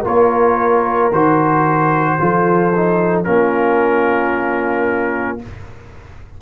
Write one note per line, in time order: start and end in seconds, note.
0.00 1.11 A#3
0.00 1.11 F4
0.00 2.14 A#4
0.07 1.12 C#5
1.11 2.18 D#3
1.11 2.19 F#4
1.11 3.24 C5
2.19 3.27 F3
2.19 2.72 F4
2.19 3.27 A4
2.76 3.25 D#4
3.24 5.41 A#3
3.24 5.39 C#4
3.24 5.41 F4
3.24 5.38 A#4